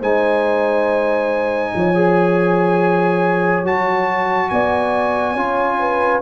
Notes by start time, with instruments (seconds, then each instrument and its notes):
0.00 tuba G#3, trombone D#4, horn C5, trumpet G#5
1.75 tuba F3, horn C#5
1.95 trombone G#4
3.64 tuba F#3, trombone F#4, trumpet A5
4.49 tuba B3, horn D5, trumpet G#5
5.34 tuba C#4, trombone F4, horn C#5
5.79 horn B4